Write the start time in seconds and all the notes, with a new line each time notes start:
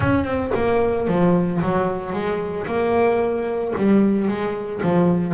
0.00 C#4
0.24 C4
0.54 A#3
1.07 F3
1.62 F#3
2.13 G#3
2.66 A#3
3.77 G3
4.27 G#3
4.82 F3